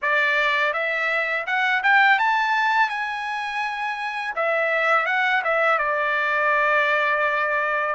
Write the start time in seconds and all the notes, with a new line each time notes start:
0.02 D5
0.73 E5
1.46 F#5
1.83 G5
2.18 A5
2.89 G#5
4.35 E5
5.06 F#5
5.44 E5
5.78 D5